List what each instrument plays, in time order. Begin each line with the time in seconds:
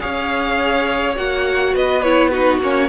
0.00 cello C#4, viola G#4, violin C#5 F5
1.16 cello A#3, viola F#4, violin F#5
1.74 cello B3, violin B4 D#5
2.02 viola E4, violin C#5
2.29 viola D#4, violin F#4 B4
2.61 cello A#3, viola C#4, violin C#5